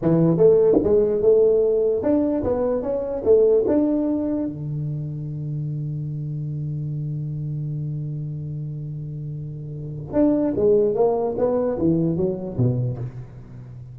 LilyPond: \new Staff \with { instrumentName = "tuba" } { \time 4/4 \tempo 4 = 148 e4 a4 gis4 a4~ | a4 d'4 b4 cis'4 | a4 d'2 d4~ | d1~ |
d1~ | d1~ | d4 d'4 gis4 ais4 | b4 e4 fis4 b,4 | }